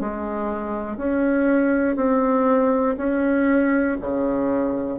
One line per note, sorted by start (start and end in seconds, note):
0.00 0.96 G#3
0.96 1.96 C#4
1.96 2.96 C4
2.97 3.97 C#4
4.00 4.99 C#3